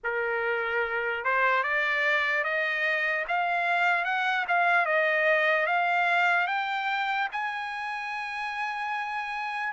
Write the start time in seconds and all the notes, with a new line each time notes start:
0.03 A#4
1.24 C5
1.63 D5
2.44 D#5
3.28 F5
4.04 F#5
4.47 F5
4.85 D#5
5.66 F5
6.47 G5
7.32 G#5